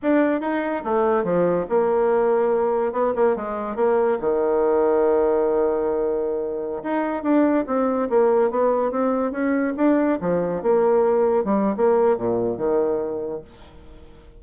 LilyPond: \new Staff \with { instrumentName = "bassoon" } { \time 4/4 \tempo 4 = 143 d'4 dis'4 a4 f4 | ais2. b8 ais8 | gis4 ais4 dis2~ | dis1~ |
dis16 dis'4 d'4 c'4 ais8.~ | ais16 b4 c'4 cis'4 d'8.~ | d'16 f4 ais2 g8. | ais4 ais,4 dis2 | }